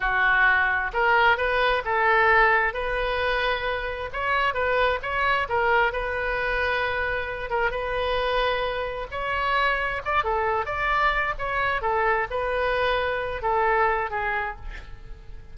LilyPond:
\new Staff \with { instrumentName = "oboe" } { \time 4/4 \tempo 4 = 132 fis'2 ais'4 b'4 | a'2 b'2~ | b'4 cis''4 b'4 cis''4 | ais'4 b'2.~ |
b'8 ais'8 b'2. | cis''2 d''8 a'4 d''8~ | d''4 cis''4 a'4 b'4~ | b'4. a'4. gis'4 | }